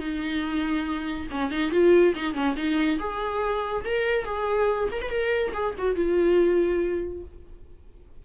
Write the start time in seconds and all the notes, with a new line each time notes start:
0.00 D#4
1.31 C#4
1.51 D#4
1.72 F4
2.15 D#4
2.34 C#4
2.57 D#4
3.00 G#4
3.85 A#4
4.25 G#4
4.92 A#4
5.02 B4
5.10 A#4
5.54 G#4
5.78 F#4
5.96 F4